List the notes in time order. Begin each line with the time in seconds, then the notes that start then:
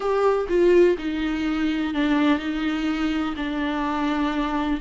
0.00 G4
0.48 F4
0.98 D#4
1.94 D4
2.39 D#4
3.36 D4